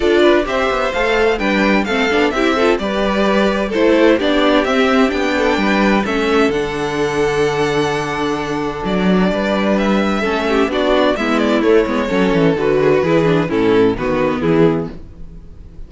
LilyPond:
<<
  \new Staff \with { instrumentName = "violin" } { \time 4/4 \tempo 4 = 129 d''4 e''4 f''4 g''4 | f''4 e''4 d''2 | c''4 d''4 e''4 g''4~ | g''4 e''4 fis''2~ |
fis''2. d''4~ | d''4 e''2 d''4 | e''8 d''8 cis''2 b'4~ | b'4 a'4 b'4 gis'4 | }
  \new Staff \with { instrumentName = "violin" } { \time 4/4 a'8 b'8 c''2 b'4 | a'4 g'8 a'8 b'2 | a'4 g'2~ g'8 a'8 | b'4 a'2.~ |
a'1 | b'2 a'8 g'8 fis'4 | e'2 a'4. gis'16 fis'16 | gis'4 e'4 fis'4 e'4 | }
  \new Staff \with { instrumentName = "viola" } { \time 4/4 f'4 g'4 a'4 d'4 | c'8 d'8 e'8 f'8 g'2 | e'4 d'4 c'4 d'4~ | d'4 cis'4 d'2~ |
d'1~ | d'2 cis'4 d'4 | b4 a8 b8 cis'4 fis'4 | e'8 d'8 cis'4 b2 | }
  \new Staff \with { instrumentName = "cello" } { \time 4/4 d'4 c'8 b8 a4 g4 | a8 b8 c'4 g2 | a4 b4 c'4 b4 | g4 a4 d2~ |
d2. fis4 | g2 a4 b4 | gis4 a8 gis8 fis8 e8 d4 | e4 a,4 dis4 e4 | }
>>